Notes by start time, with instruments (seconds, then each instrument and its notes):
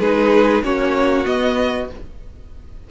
0.00 cello G#3, viola D#4, violin G#4 B4
0.63 cello A#3, viola C#4, violin F#4 C#5
1.26 viola B3, cello B3, violin D#5